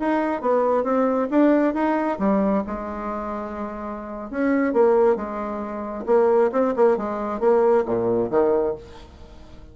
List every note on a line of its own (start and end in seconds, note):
0.00 0.41 D#4
0.41 0.84 B3
0.84 1.28 C4
1.31 1.74 D4
1.74 2.19 D#4
2.19 2.64 G3
2.67 4.31 G#3
4.31 4.74 C#4
4.74 5.16 A#3
5.16 6.05 G#3
6.06 6.51 A#3
6.53 6.75 C4
6.76 6.98 A#3
6.98 7.40 G#3
7.40 7.85 A#3
7.86 8.31 A#2
8.31 8.75 D#3